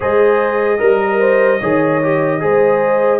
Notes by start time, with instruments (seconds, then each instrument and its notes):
0.00 tuba G#3, trombone G#4, horn C5, trumpet D#5
0.79 tuba G3, trombone A#4, horn A#4
1.20 horn C5
1.60 tuba D#3, trombone G#4, horn C#5
2.02 trombone G4
2.40 tuba G#3, trombone G#4, horn C5